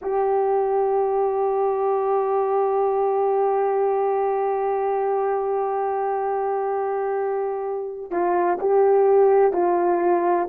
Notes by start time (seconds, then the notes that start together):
0.01 G4
8.10 F4
8.60 G4
9.52 F4